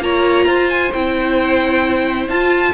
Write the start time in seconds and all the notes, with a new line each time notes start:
0.00 A#3 F4 C#5 A#5
0.45 F4 C5
0.69 G#5
0.92 C4 E4 G5
2.28 F4 A5